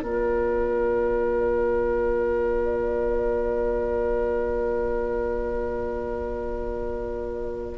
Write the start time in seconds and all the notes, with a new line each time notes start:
0.00 A#3 F4 A#4 D5